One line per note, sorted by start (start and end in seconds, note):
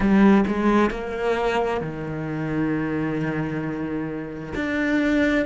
0.00 0.44 G3
0.47 0.90 G#3
0.90 1.80 A#3
1.80 4.53 D#3
4.55 5.45 D4